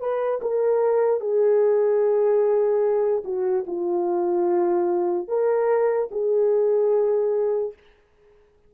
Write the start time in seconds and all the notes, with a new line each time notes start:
0.00 B4
0.41 A#4
1.20 G#4
3.24 F#4
3.67 F4
5.28 A#4
6.11 G#4